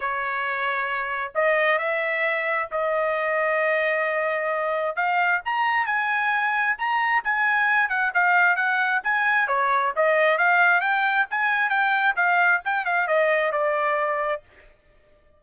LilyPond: \new Staff \with { instrumentName = "trumpet" } { \time 4/4 \tempo 4 = 133 cis''2. dis''4 | e''2 dis''2~ | dis''2. f''4 | ais''4 gis''2 ais''4 |
gis''4. fis''8 f''4 fis''4 | gis''4 cis''4 dis''4 f''4 | g''4 gis''4 g''4 f''4 | g''8 f''8 dis''4 d''2 | }